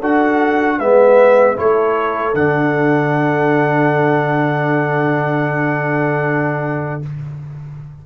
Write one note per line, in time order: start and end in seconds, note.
0.00 0.80 D4
0.00 0.80 F#4
0.00 0.78 A4
0.00 0.80 F#5
0.79 1.58 G#3
0.79 1.56 B3
0.79 1.57 B4
0.79 1.57 E5
1.56 2.35 A3
1.56 2.34 E4
1.56 7.06 A4
1.56 2.35 C#5
2.35 7.02 D3
2.35 7.03 D4
2.35 7.03 F#5